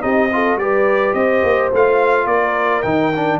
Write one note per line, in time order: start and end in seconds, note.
0.00 0.56 C4
0.00 0.28 D#4
0.00 0.30 G4
0.00 0.58 D#5
0.32 0.59 F4
0.32 0.60 A4
0.56 1.12 G3
0.56 1.71 G4
0.56 1.16 B4
0.56 1.13 D5
1.13 1.42 C4
1.13 2.25 C5
1.13 1.69 D#5
1.43 1.71 A#3
1.72 2.25 A3
1.72 2.84 F4
1.72 2.27 F5
2.25 2.81 A#3
2.25 3.37 A#4
2.25 2.82 D5
2.82 3.40 D#3
2.82 3.12 D#4
2.82 3.38 G5
3.15 3.40 D4